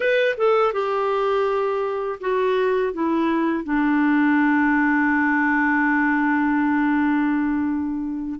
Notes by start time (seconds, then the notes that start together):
0.00 B4
0.37 A4
0.73 G4
2.20 F#4
2.93 E4
3.64 D4